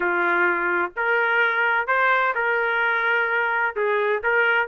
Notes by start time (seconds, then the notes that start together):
0.00 F4
0.96 A#4
1.87 C5
2.35 A#4
3.75 G#4
4.23 A#4